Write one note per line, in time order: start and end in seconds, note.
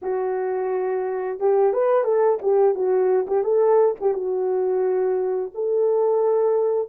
0.02 1.39 F#4
1.39 1.73 G4
1.73 2.04 B4
2.04 2.38 A4
2.41 2.74 G4
2.74 3.26 F#4
3.27 3.43 G4
3.43 3.95 A4
4.00 4.13 G4
4.13 5.51 F#4
5.54 6.88 A4